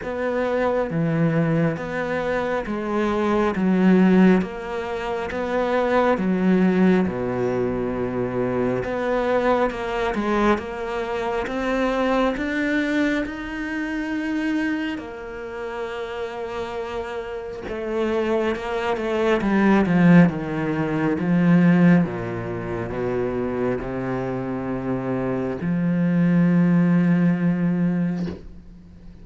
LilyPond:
\new Staff \with { instrumentName = "cello" } { \time 4/4 \tempo 4 = 68 b4 e4 b4 gis4 | fis4 ais4 b4 fis4 | b,2 b4 ais8 gis8 | ais4 c'4 d'4 dis'4~ |
dis'4 ais2. | a4 ais8 a8 g8 f8 dis4 | f4 ais,4 b,4 c4~ | c4 f2. | }